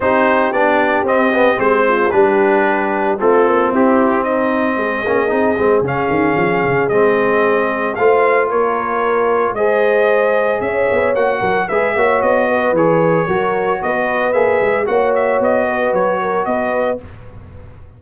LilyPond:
<<
  \new Staff \with { instrumentName = "trumpet" } { \time 4/4 \tempo 4 = 113 c''4 d''4 dis''4 c''4 | b'2 a'4 g'4 | dis''2. f''4~ | f''4 dis''2 f''4 |
cis''2 dis''2 | e''4 fis''4 e''4 dis''4 | cis''2 dis''4 e''4 | fis''8 e''8 dis''4 cis''4 dis''4 | }
  \new Staff \with { instrumentName = "horn" } { \time 4/4 g'2.~ g'8 f'8 | g'2 f'4 e'4 | dis'4 gis'2.~ | gis'2. c''4 |
ais'2 c''2 | cis''4. ais'8 b'8 cis''4 b'8~ | b'4 ais'4 b'2 | cis''4. b'4 ais'8 b'4 | }
  \new Staff \with { instrumentName = "trombone" } { \time 4/4 dis'4 d'4 c'8 b8 c'4 | d'2 c'2~ | c'4. cis'8 dis'8 c'8 cis'4~ | cis'4 c'2 f'4~ |
f'2 gis'2~ | gis'4 fis'4 gis'8 fis'4. | gis'4 fis'2 gis'4 | fis'1 | }
  \new Staff \with { instrumentName = "tuba" } { \time 4/4 c'4 b4 c'4 gis4 | g2 a8 ais8 c'4~ | c'4 gis8 ais8 c'8 gis8 cis8 dis8 | f8 cis8 gis2 a4 |
ais2 gis2 | cis'8 b8 ais8 fis8 gis8 ais8 b4 | e4 fis4 b4 ais8 gis8 | ais4 b4 fis4 b4 | }
>>